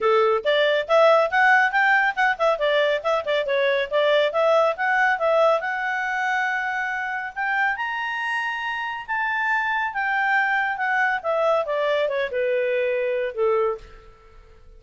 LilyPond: \new Staff \with { instrumentName = "clarinet" } { \time 4/4 \tempo 4 = 139 a'4 d''4 e''4 fis''4 | g''4 fis''8 e''8 d''4 e''8 d''8 | cis''4 d''4 e''4 fis''4 | e''4 fis''2.~ |
fis''4 g''4 ais''2~ | ais''4 a''2 g''4~ | g''4 fis''4 e''4 d''4 | cis''8 b'2~ b'8 a'4 | }